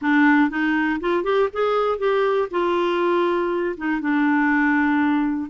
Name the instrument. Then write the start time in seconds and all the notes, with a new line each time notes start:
clarinet
0.01 D4
0.50 D#4
1.00 F4
1.23 G4
1.52 G#4
1.98 G4
2.50 F4
3.77 D#4
4.00 D4